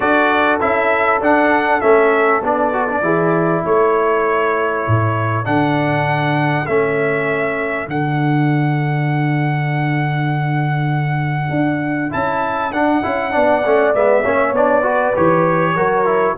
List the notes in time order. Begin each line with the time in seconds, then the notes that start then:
0.00 D4 F#4 A4 D5
0.60 C#4 E4 E5
1.20 D4 F#5
1.80 A3 C#4 E5
2.42 B3 D4 D5
2.73 F#4
2.88 D4
3.01 E3 E4 G#4
3.64 A3 A4 C#5
4.87 A2
5.44 D3 D4 F#5
6.66 A3 C#4 E5
7.87 D3 D4 F#5
11.49 D4
12.10 C#4 E4 A5
12.72 D4 F#5
13.02 C#4 E4
13.31 B3 D4 D5
13.65 A3 C#4
13.93 G#3 B3 E5
14.23 A#3 C#4 C#5
14.52 B3 D4 D5
14.82 F#4 B4
15.15 E3 G4 C#5
15.75 F#3 F#4 A#4
16.05 E4